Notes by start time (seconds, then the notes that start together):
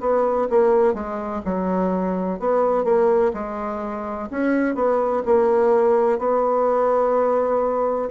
0.00 B3
0.49 A#3
0.94 G#3
1.45 F#3
2.39 B3
2.84 A#3
3.33 G#3
4.30 C#4
4.74 B3
5.25 A#3
6.18 B3